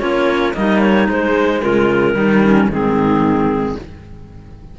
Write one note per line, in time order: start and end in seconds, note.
0.00 0.55 A#3
0.00 0.54 C#4
0.00 0.55 F4
0.00 0.54 C#5
0.54 1.08 G3
0.54 1.07 A#3
0.54 1.61 D#4
0.54 0.81 D#5
0.81 1.08 C#5
1.08 1.62 G#3
1.08 2.15 G#3
1.08 1.62 C5
1.61 2.15 C#3
1.61 2.15 F4
1.61 2.69 A#4
2.15 2.68 D#3
2.15 2.68 G3
2.15 2.42 D#4
2.44 2.71 C#4
2.69 3.77 G#2
2.69 3.76 D#3
2.69 3.79 C4
2.69 3.79 G#4